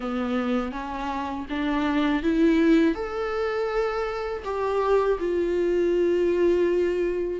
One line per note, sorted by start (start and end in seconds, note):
0.00 0.71 B3
0.72 1.46 C#4
1.49 2.22 D4
2.22 2.95 E4
2.95 4.43 A4
4.44 5.18 G4
5.19 7.40 F4